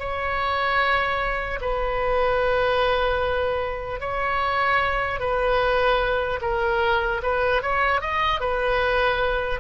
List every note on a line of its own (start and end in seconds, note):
0.00 1.60 C#5
1.61 4.01 B4
4.01 5.20 C#5
5.20 6.40 B4
6.42 7.22 A#4
7.23 7.63 B4
7.63 8.01 C#5
8.01 8.41 D#5
8.41 9.61 B4